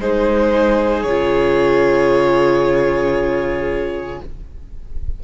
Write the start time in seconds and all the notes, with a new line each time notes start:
0.00 G#3 D#4 G#4 C5
1.03 C#3 F4 C#5